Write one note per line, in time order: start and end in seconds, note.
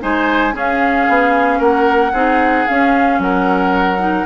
0.00 0.54 G#3
0.00 0.52 D#4
0.00 0.54 C5
0.00 0.55 G#5
0.52 2.11 C#4
0.52 1.07 C#4
0.52 1.58 G#4
0.52 1.61 F5
1.08 1.59 B3
1.58 2.12 A#3
1.58 2.11 A#4
1.58 2.67 F#5
2.12 2.65 C4
2.12 2.67 D#4
2.12 3.19 G#4
2.67 3.98 C#4
2.67 3.19 C#4
2.67 3.20 F5
3.19 4.25 F#3
3.19 4.26 A#4
3.19 4.26 F#5
3.98 4.25 D#4